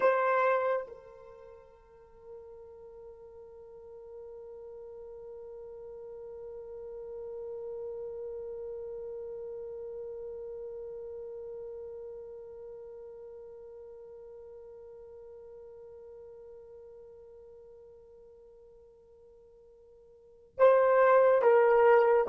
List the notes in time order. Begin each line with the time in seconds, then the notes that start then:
0.00 C5
0.87 A#4
20.58 C5
21.42 A#4